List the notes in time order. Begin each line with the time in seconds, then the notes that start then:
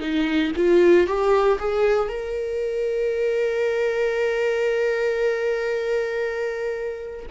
0.00 D#4
0.56 F4
1.07 G4
1.59 G#4
2.09 A#4